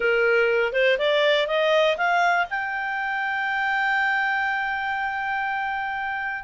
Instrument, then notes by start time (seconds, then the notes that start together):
clarinet
0.00 A#4
0.72 C5
0.98 D5
1.47 D#5
1.97 F5
2.50 G5